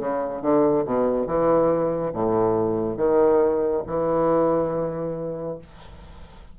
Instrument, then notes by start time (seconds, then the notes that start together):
bassoon
0.00 C#3
0.42 D3
0.85 B2
1.27 E3
2.14 A2
2.98 D#3
3.87 E3